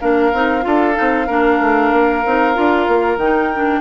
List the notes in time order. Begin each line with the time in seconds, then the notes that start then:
0.00 A#3 D4 A#4 F5
0.33 C4 D#4
0.61 D4 F4 A4
0.94 C4 D#4
1.27 A#3 D4 A#4
1.60 A3
1.92 A#3
2.25 C4 D#4
2.54 D4 F4
2.88 A#3
3.16 D#3 D#4 G5
3.54 D4